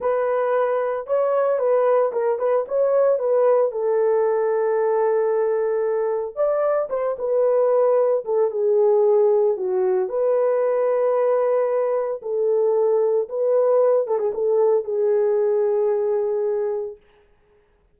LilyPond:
\new Staff \with { instrumentName = "horn" } { \time 4/4 \tempo 4 = 113 b'2 cis''4 b'4 | ais'8 b'8 cis''4 b'4 a'4~ | a'1 | d''4 c''8 b'2 a'8 |
gis'2 fis'4 b'4~ | b'2. a'4~ | a'4 b'4. a'16 gis'16 a'4 | gis'1 | }